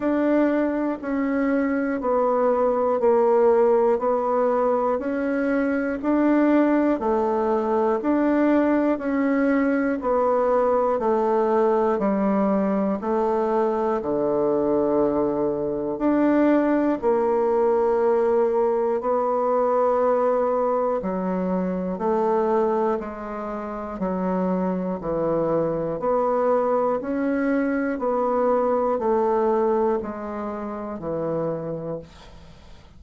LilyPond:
\new Staff \with { instrumentName = "bassoon" } { \time 4/4 \tempo 4 = 60 d'4 cis'4 b4 ais4 | b4 cis'4 d'4 a4 | d'4 cis'4 b4 a4 | g4 a4 d2 |
d'4 ais2 b4~ | b4 fis4 a4 gis4 | fis4 e4 b4 cis'4 | b4 a4 gis4 e4 | }